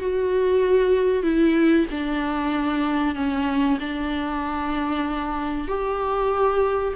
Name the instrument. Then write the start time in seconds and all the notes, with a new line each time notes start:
viola
0.00 F#4
1.23 E4
1.91 D4
3.15 C#4
3.80 D4
5.68 G4